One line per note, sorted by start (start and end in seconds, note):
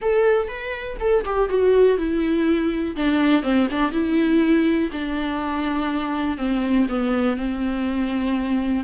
0.01 0.48 A4
0.48 0.97 B4
0.99 1.24 A4
1.25 1.49 G4
1.49 1.97 F#4
1.97 2.95 E4
2.96 3.42 D4
3.42 3.67 C4
3.70 3.91 D4
3.91 4.90 E4
4.92 6.37 D4
6.37 6.87 C4
6.89 7.36 B3
7.36 8.84 C4